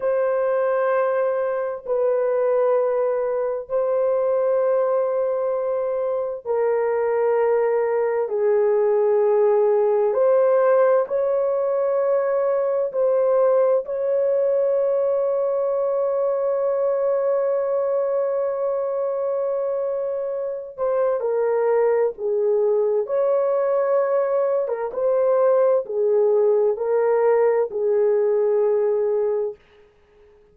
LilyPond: \new Staff \with { instrumentName = "horn" } { \time 4/4 \tempo 4 = 65 c''2 b'2 | c''2. ais'4~ | ais'4 gis'2 c''4 | cis''2 c''4 cis''4~ |
cis''1~ | cis''2~ cis''8 c''8 ais'4 | gis'4 cis''4.~ cis''16 ais'16 c''4 | gis'4 ais'4 gis'2 | }